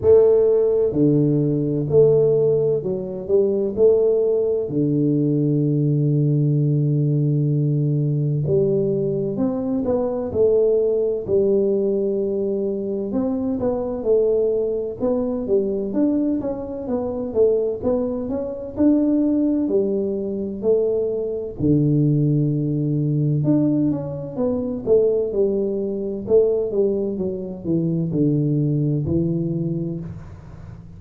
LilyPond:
\new Staff \with { instrumentName = "tuba" } { \time 4/4 \tempo 4 = 64 a4 d4 a4 fis8 g8 | a4 d2.~ | d4 g4 c'8 b8 a4 | g2 c'8 b8 a4 |
b8 g8 d'8 cis'8 b8 a8 b8 cis'8 | d'4 g4 a4 d4~ | d4 d'8 cis'8 b8 a8 g4 | a8 g8 fis8 e8 d4 e4 | }